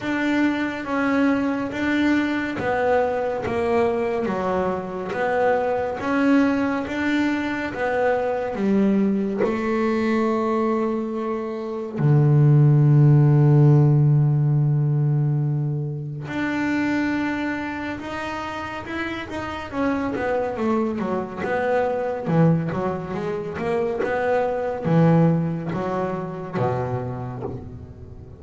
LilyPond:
\new Staff \with { instrumentName = "double bass" } { \time 4/4 \tempo 4 = 70 d'4 cis'4 d'4 b4 | ais4 fis4 b4 cis'4 | d'4 b4 g4 a4~ | a2 d2~ |
d2. d'4~ | d'4 dis'4 e'8 dis'8 cis'8 b8 | a8 fis8 b4 e8 fis8 gis8 ais8 | b4 e4 fis4 b,4 | }